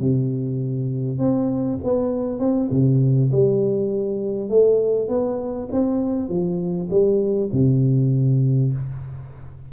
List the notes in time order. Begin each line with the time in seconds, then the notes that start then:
0.00 C3
1.18 C4
1.84 B3
2.39 C4
2.71 C3
3.32 G3
4.49 A3
5.09 B3
5.72 C4
6.29 F3
6.90 G3
7.52 C3